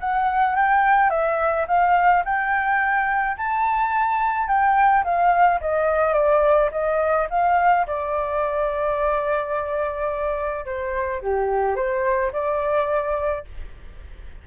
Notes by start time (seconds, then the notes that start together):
0.00 F#5
0.56 G5
1.10 E5
1.67 F5
2.25 G5
3.37 A5
4.47 G5
5.04 F5
5.60 D#5
6.13 D5
6.71 D#5
7.30 F5
7.86 D5
10.65 C5
11.21 G4
11.75 C5
12.32 D5